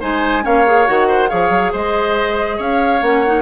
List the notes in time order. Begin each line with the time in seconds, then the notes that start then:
0.00 G#3 D#4 C5 G#5
0.43 A#3 C#4 C#5 F5
0.66 G#4
0.86 D#3 F#4 F#5
1.07 C5
1.28 F3 G#4 C#5 F5
1.50 F#3
1.72 G#3 C5 D#5
2.57 C#4 C#5 F5
3.02 A#3 C#4 F#5
3.26 D#4